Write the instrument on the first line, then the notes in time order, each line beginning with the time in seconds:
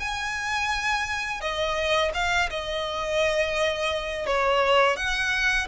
violin
0.00 G#5
1.41 D#5
2.15 F5
2.51 D#5
4.27 C#5
4.97 F#5